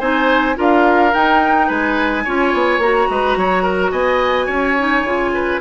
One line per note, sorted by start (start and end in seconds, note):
0.00 0.57 C4
0.00 0.55 D#4
0.00 0.56 C5
0.00 0.57 G#5
0.55 1.14 D4
0.55 1.12 F4
0.55 1.67 A#4
0.55 1.14 F5
1.14 1.70 D#4
1.14 2.26 D#4
1.14 1.69 G5
1.67 2.26 G#3
1.67 2.23 B4
1.67 2.81 G#5
2.25 2.54 C#4
2.25 2.82 F4
2.25 3.09 C#5
2.54 2.78 B3
2.78 3.06 A#3
2.78 4.79 F#4
2.78 3.92 A#5
3.10 3.36 G#3
3.10 3.38 B4
3.36 3.92 F#3
3.36 3.63 C#5
3.63 3.91 A#4
3.92 4.48 B3
3.92 4.46 D#5
3.92 5.60 G#5
4.46 5.03 C#4
4.46 5.31 C#5
4.79 5.07 D#4
5.03 5.59 C#3
5.03 5.61 F4
5.34 5.61 B4